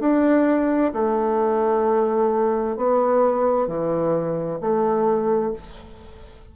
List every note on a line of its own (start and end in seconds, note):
0.00 0.92 D4
0.93 2.76 A3
2.76 3.67 B3
3.67 4.59 E3
4.61 5.53 A3